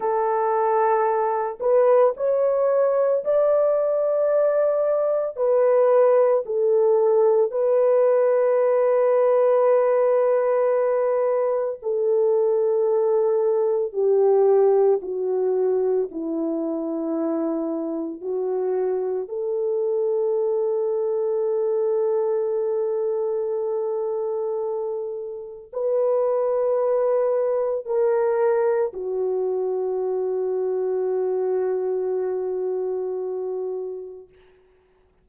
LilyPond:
\new Staff \with { instrumentName = "horn" } { \time 4/4 \tempo 4 = 56 a'4. b'8 cis''4 d''4~ | d''4 b'4 a'4 b'4~ | b'2. a'4~ | a'4 g'4 fis'4 e'4~ |
e'4 fis'4 a'2~ | a'1 | b'2 ais'4 fis'4~ | fis'1 | }